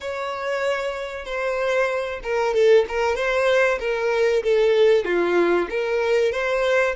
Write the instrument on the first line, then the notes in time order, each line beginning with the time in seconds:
violin
0.01 C#5
1.25 C5
2.23 A#4
2.53 A4
2.88 A#4
3.15 C5
3.79 A#4
4.43 A4
5.04 F4
5.70 A#4
6.32 C5